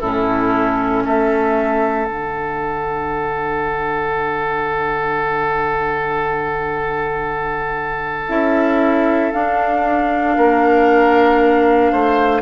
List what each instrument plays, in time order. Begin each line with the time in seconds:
0.00 bassoon A2, clarinet C#4, oboe E4, flute A4
1.05 bassoon A3, oboe A4, flute E5
2.05 bassoon D3, clarinet D4, flute F#5
8.28 bassoon C#4, clarinet E4, flute E5
9.32 clarinet D4, bassoon D4, flute F5
10.37 bassoon A#3, oboe A#4
11.92 bassoon A3, oboe C5